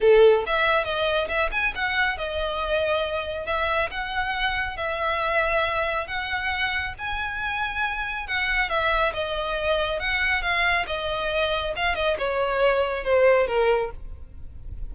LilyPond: \new Staff \with { instrumentName = "violin" } { \time 4/4 \tempo 4 = 138 a'4 e''4 dis''4 e''8 gis''8 | fis''4 dis''2. | e''4 fis''2 e''4~ | e''2 fis''2 |
gis''2. fis''4 | e''4 dis''2 fis''4 | f''4 dis''2 f''8 dis''8 | cis''2 c''4 ais'4 | }